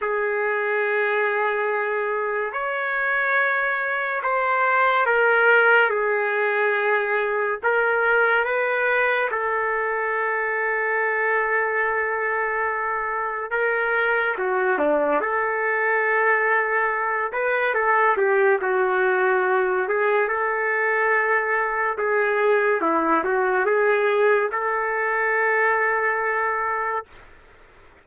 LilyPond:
\new Staff \with { instrumentName = "trumpet" } { \time 4/4 \tempo 4 = 71 gis'2. cis''4~ | cis''4 c''4 ais'4 gis'4~ | gis'4 ais'4 b'4 a'4~ | a'1 |
ais'4 fis'8 d'8 a'2~ | a'8 b'8 a'8 g'8 fis'4. gis'8 | a'2 gis'4 e'8 fis'8 | gis'4 a'2. | }